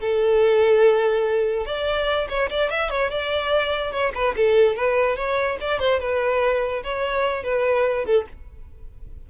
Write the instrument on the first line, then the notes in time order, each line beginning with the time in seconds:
violin
0.00 A4
1.66 D5
2.29 C#5
2.49 D5
2.70 E5
2.89 C#5
3.10 D5
3.91 C#5
4.14 B4
4.36 A4
4.75 B4
5.16 C#5
5.60 D5
5.79 C5
6.00 B4
6.83 C#5
7.43 B4
8.05 A4